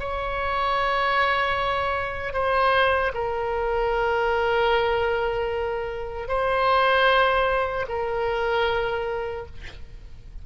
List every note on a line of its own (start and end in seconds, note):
0.00 2.34 C#5
2.34 3.13 C5
3.14 6.28 A#4
6.28 7.86 C5
7.89 9.47 A#4